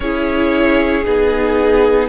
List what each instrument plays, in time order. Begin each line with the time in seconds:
0.00 cello C#4, viola E4, violin G#4 C#5
1.04 cello B3, viola D#4, violin G#4